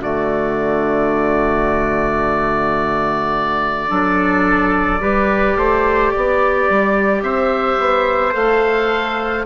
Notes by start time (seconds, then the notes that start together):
0.00 D3 A3 F#4 D5
3.88 F#3 D4 A4
5.00 G3 G4 B4
5.56 A3 C5
6.12 B3 D5
6.69 G3
7.22 C4 C5 E5
7.79 B3
8.32 A3 A4 F5